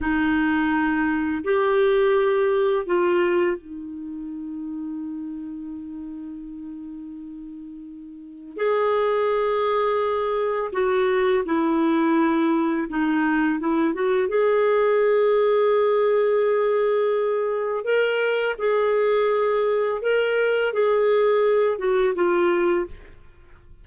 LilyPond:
\new Staff \with { instrumentName = "clarinet" } { \time 4/4 \tempo 4 = 84 dis'2 g'2 | f'4 dis'2.~ | dis'1 | gis'2. fis'4 |
e'2 dis'4 e'8 fis'8 | gis'1~ | gis'4 ais'4 gis'2 | ais'4 gis'4. fis'8 f'4 | }